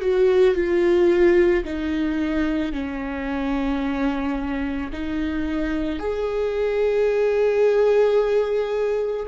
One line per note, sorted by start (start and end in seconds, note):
0.00 0.55 F#4
0.55 1.64 F4
1.64 2.72 D#4
2.72 4.90 C#4
4.92 5.99 D#4
5.99 9.26 G#4